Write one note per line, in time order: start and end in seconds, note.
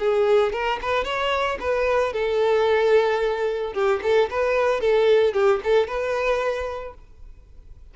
0.00 0.53 G#4
0.53 0.80 A#4
0.82 1.05 B4
1.05 1.58 C#5
1.60 2.14 B4
2.14 3.74 A4
3.74 4.01 G4
4.03 4.30 A4
4.31 4.81 B4
4.81 5.34 A4
5.34 5.61 G4
5.64 5.88 A4
5.88 6.95 B4